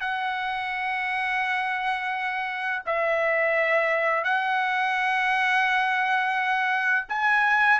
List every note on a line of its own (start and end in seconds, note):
0.00 2.82 F#5
2.86 4.23 E5
4.23 7.06 F#5
7.08 7.79 G#5